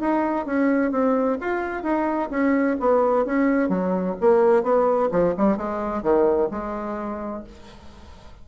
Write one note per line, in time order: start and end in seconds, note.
0.00 0.45 D#4
0.45 0.91 C#4
0.91 1.37 C4
1.40 1.83 F4
1.83 2.29 D#4
2.30 2.76 C#4
2.79 3.25 B3
3.25 3.68 C#4
3.68 4.15 F#3
4.20 4.63 A#3
4.63 5.09 B3
5.11 5.34 F3
5.37 5.57 G3
5.57 6.02 G#3
6.02 6.49 D#3
6.51 7.44 G#3